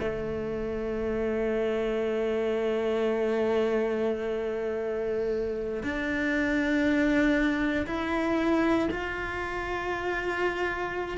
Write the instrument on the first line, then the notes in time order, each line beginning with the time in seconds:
cello
0.00 A3
5.83 D4
7.87 E4
8.91 F4